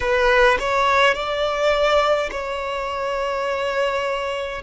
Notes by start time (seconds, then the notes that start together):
0.00 B4
0.59 C#5
1.14 D5
2.31 C#5